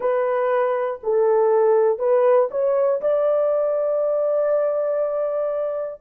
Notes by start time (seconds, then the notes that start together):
0.00 B4
1.03 A4
1.99 B4
2.50 C#5
3.00 D5